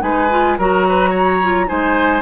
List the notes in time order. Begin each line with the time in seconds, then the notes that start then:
0.00 G#3 D#4 B4 G#5
0.31 F4
0.59 F#3 F#4 A#4 A#5
0.89 B4
1.10 C#5
1.43 F4
1.67 G#3 D#4 C5 G#5